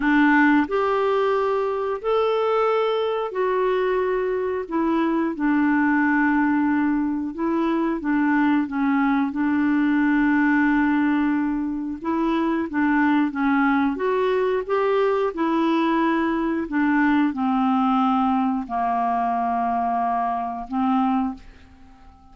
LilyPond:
\new Staff \with { instrumentName = "clarinet" } { \time 4/4 \tempo 4 = 90 d'4 g'2 a'4~ | a'4 fis'2 e'4 | d'2. e'4 | d'4 cis'4 d'2~ |
d'2 e'4 d'4 | cis'4 fis'4 g'4 e'4~ | e'4 d'4 c'2 | ais2. c'4 | }